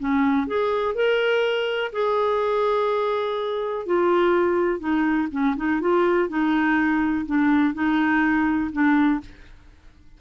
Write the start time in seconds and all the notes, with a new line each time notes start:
0.00 C#4
0.48 G#4
0.95 A#4
1.93 G#4
3.86 F4
4.80 D#4
5.32 C#4
5.57 D#4
5.81 F4
6.29 D#4
7.26 D4
7.74 D#4
8.73 D4